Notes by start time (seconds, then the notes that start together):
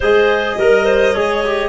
0.00 G#3 G#4 C5 D#5
0.57 G3 A#4
0.85 C5
1.13 G#3 G#4 C#5
1.44 G4